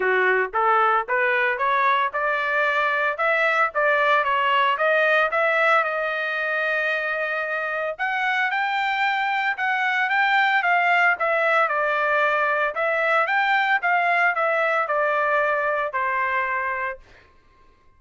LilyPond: \new Staff \with { instrumentName = "trumpet" } { \time 4/4 \tempo 4 = 113 fis'4 a'4 b'4 cis''4 | d''2 e''4 d''4 | cis''4 dis''4 e''4 dis''4~ | dis''2. fis''4 |
g''2 fis''4 g''4 | f''4 e''4 d''2 | e''4 g''4 f''4 e''4 | d''2 c''2 | }